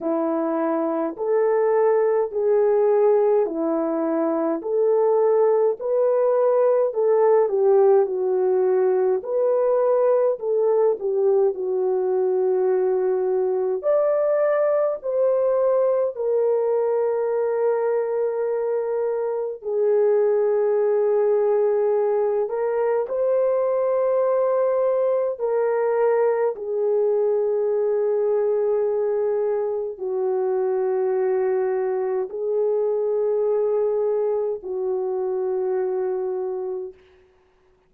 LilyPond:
\new Staff \with { instrumentName = "horn" } { \time 4/4 \tempo 4 = 52 e'4 a'4 gis'4 e'4 | a'4 b'4 a'8 g'8 fis'4 | b'4 a'8 g'8 fis'2 | d''4 c''4 ais'2~ |
ais'4 gis'2~ gis'8 ais'8 | c''2 ais'4 gis'4~ | gis'2 fis'2 | gis'2 fis'2 | }